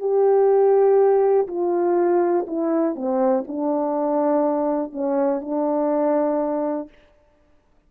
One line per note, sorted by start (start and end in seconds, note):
0.00 1.48 G4
1.48 2.46 F4
2.48 2.96 E4
2.96 3.45 C4
3.48 4.92 D4
4.92 5.41 C#4
5.41 6.89 D4